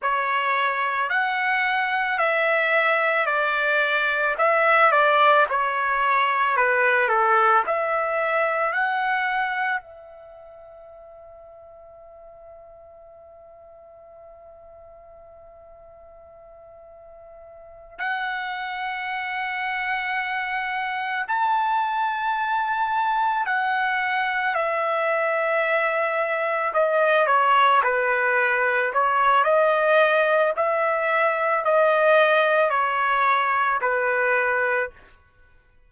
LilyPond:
\new Staff \with { instrumentName = "trumpet" } { \time 4/4 \tempo 4 = 55 cis''4 fis''4 e''4 d''4 | e''8 d''8 cis''4 b'8 a'8 e''4 | fis''4 e''2.~ | e''1~ |
e''8 fis''2. a''8~ | a''4. fis''4 e''4.~ | e''8 dis''8 cis''8 b'4 cis''8 dis''4 | e''4 dis''4 cis''4 b'4 | }